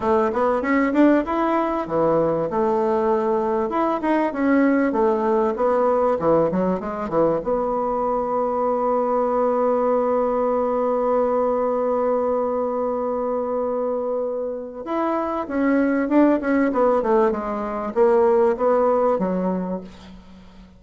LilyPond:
\new Staff \with { instrumentName = "bassoon" } { \time 4/4 \tempo 4 = 97 a8 b8 cis'8 d'8 e'4 e4 | a2 e'8 dis'8 cis'4 | a4 b4 e8 fis8 gis8 e8 | b1~ |
b1~ | b1 | e'4 cis'4 d'8 cis'8 b8 a8 | gis4 ais4 b4 fis4 | }